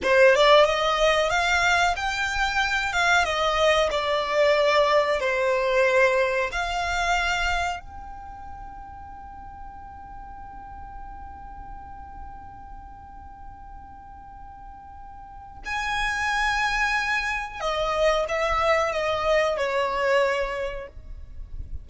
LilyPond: \new Staff \with { instrumentName = "violin" } { \time 4/4 \tempo 4 = 92 c''8 d''8 dis''4 f''4 g''4~ | g''8 f''8 dis''4 d''2 | c''2 f''2 | g''1~ |
g''1~ | g''1 | gis''2. dis''4 | e''4 dis''4 cis''2 | }